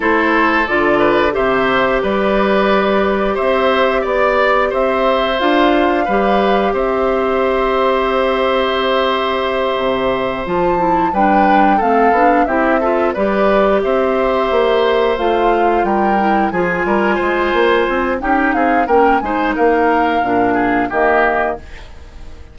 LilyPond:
<<
  \new Staff \with { instrumentName = "flute" } { \time 4/4 \tempo 4 = 89 c''4 d''4 e''4 d''4~ | d''4 e''4 d''4 e''4 | f''2 e''2~ | e''2.~ e''8 a''8~ |
a''8 g''4 f''4 e''4 d''8~ | d''8 e''2 f''4 g''8~ | g''8 gis''2~ gis''8 g''8 f''8 | g''8 gis''8 f''2 dis''4 | }
  \new Staff \with { instrumentName = "oboe" } { \time 4/4 a'4. b'8 c''4 b'4~ | b'4 c''4 d''4 c''4~ | c''4 b'4 c''2~ | c''1~ |
c''8 b'4 a'4 g'8 a'8 b'8~ | b'8 c''2. ais'8~ | ais'8 gis'8 ais'8 c''4. g'8 gis'8 | ais'8 c''8 ais'4. gis'8 g'4 | }
  \new Staff \with { instrumentName = "clarinet" } { \time 4/4 e'4 f'4 g'2~ | g'1 | f'4 g'2.~ | g'2.~ g'8 f'8 |
e'8 d'4 c'8 d'8 e'8 f'8 g'8~ | g'2~ g'8 f'4. | e'8 f'2~ f'8 dis'4 | cis'8 dis'4. d'4 ais4 | }
  \new Staff \with { instrumentName = "bassoon" } { \time 4/4 a4 d4 c4 g4~ | g4 c'4 b4 c'4 | d'4 g4 c'2~ | c'2~ c'8 c4 f8~ |
f8 g4 a8 b8 c'4 g8~ | g8 c'4 ais4 a4 g8~ | g8 f8 g8 gis8 ais8 c'8 cis'8 c'8 | ais8 gis8 ais4 ais,4 dis4 | }
>>